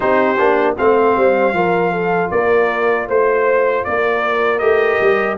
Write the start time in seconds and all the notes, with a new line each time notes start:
0.00 C4 D#4 G4 C5
0.37 A#3 D4
0.78 A3 C4 C5 F5
1.17 G3
1.53 F3 F4 A#4
1.91 A4
2.30 A#3 A#4 D5
3.08 A3 C5
3.84 A#3 A#4 D5
4.58 A3 G4 D#5
5.00 G3